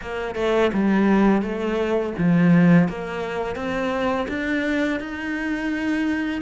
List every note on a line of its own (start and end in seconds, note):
0.01 0.35 A#3
0.35 0.71 A3
0.73 1.42 G3
1.42 2.13 A3
2.18 2.88 F3
2.88 3.55 A#3
3.55 4.27 C4
4.28 4.99 D4
4.99 6.41 D#4